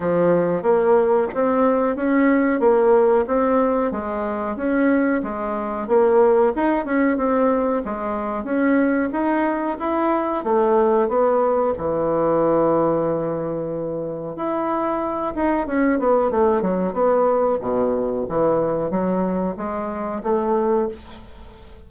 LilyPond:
\new Staff \with { instrumentName = "bassoon" } { \time 4/4 \tempo 4 = 92 f4 ais4 c'4 cis'4 | ais4 c'4 gis4 cis'4 | gis4 ais4 dis'8 cis'8 c'4 | gis4 cis'4 dis'4 e'4 |
a4 b4 e2~ | e2 e'4. dis'8 | cis'8 b8 a8 fis8 b4 b,4 | e4 fis4 gis4 a4 | }